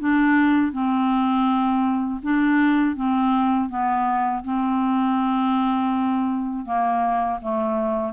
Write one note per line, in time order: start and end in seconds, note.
0.00 0.72 D4
0.72 2.21 C4
2.23 2.96 D4
2.96 3.70 C4
3.70 4.44 B3
4.44 6.66 C4
6.66 7.40 A#3
7.42 8.13 A3